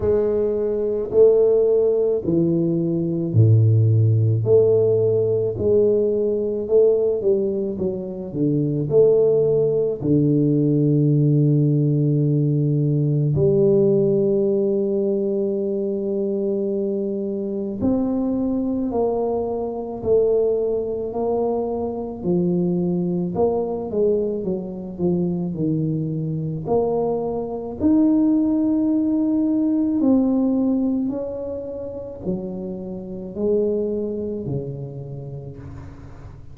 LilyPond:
\new Staff \with { instrumentName = "tuba" } { \time 4/4 \tempo 4 = 54 gis4 a4 e4 a,4 | a4 gis4 a8 g8 fis8 d8 | a4 d2. | g1 |
c'4 ais4 a4 ais4 | f4 ais8 gis8 fis8 f8 dis4 | ais4 dis'2 c'4 | cis'4 fis4 gis4 cis4 | }